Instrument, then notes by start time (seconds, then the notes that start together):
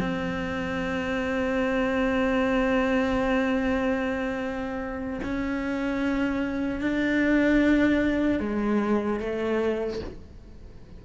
cello
0.00 C4
5.23 C#4
6.81 D4
8.40 G#3
9.20 A3